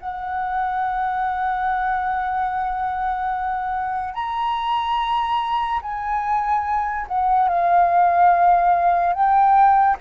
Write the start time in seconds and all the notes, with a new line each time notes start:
0.00 F#5
4.14 A#5
5.82 G#5
7.08 F#5
7.48 F5
9.13 G5